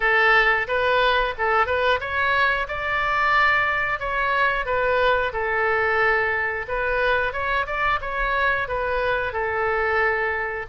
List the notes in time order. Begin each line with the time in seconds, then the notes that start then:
0.00 A4
0.67 B4
1.38 A4
1.66 B4
2.00 C#5
2.68 D5
3.99 C#5
4.65 B4
5.32 A4
6.68 B4
7.32 C#5
7.66 D5
8.01 C#5
8.68 B4
9.32 A4